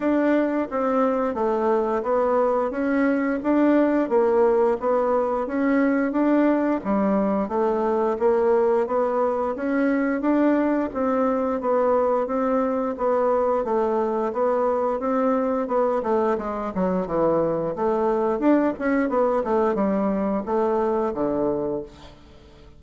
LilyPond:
\new Staff \with { instrumentName = "bassoon" } { \time 4/4 \tempo 4 = 88 d'4 c'4 a4 b4 | cis'4 d'4 ais4 b4 | cis'4 d'4 g4 a4 | ais4 b4 cis'4 d'4 |
c'4 b4 c'4 b4 | a4 b4 c'4 b8 a8 | gis8 fis8 e4 a4 d'8 cis'8 | b8 a8 g4 a4 d4 | }